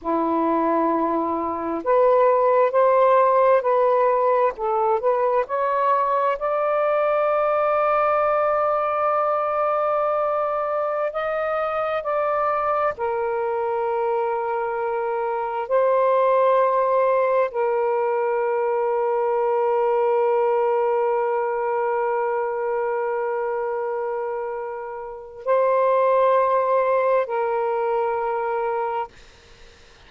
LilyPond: \new Staff \with { instrumentName = "saxophone" } { \time 4/4 \tempo 4 = 66 e'2 b'4 c''4 | b'4 a'8 b'8 cis''4 d''4~ | d''1~ | d''16 dis''4 d''4 ais'4.~ ais'16~ |
ais'4~ ais'16 c''2 ais'8.~ | ais'1~ | ais'1 | c''2 ais'2 | }